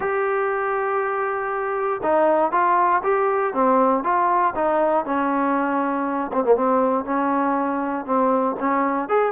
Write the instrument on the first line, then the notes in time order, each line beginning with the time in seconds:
trombone
0.00 G4
2.02 D#4
2.51 F4
3.03 G4
3.53 C4
4.03 F4
4.55 D#4
5.05 C#4
6.32 C4
6.44 A#3
6.55 C4
7.05 C#4
8.05 C4
8.59 C#4
9.08 G#4